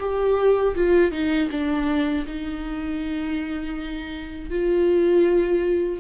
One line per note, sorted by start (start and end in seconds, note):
0.00 0.75 G4
0.75 1.12 F4
1.12 1.49 D#4
1.51 2.26 D4
2.27 4.50 D#4
4.50 6.00 F4